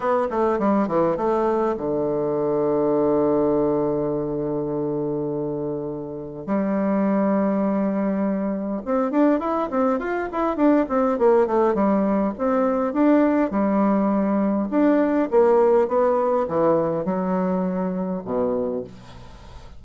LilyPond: \new Staff \with { instrumentName = "bassoon" } { \time 4/4 \tempo 4 = 102 b8 a8 g8 e8 a4 d4~ | d1~ | d2. g4~ | g2. c'8 d'8 |
e'8 c'8 f'8 e'8 d'8 c'8 ais8 a8 | g4 c'4 d'4 g4~ | g4 d'4 ais4 b4 | e4 fis2 b,4 | }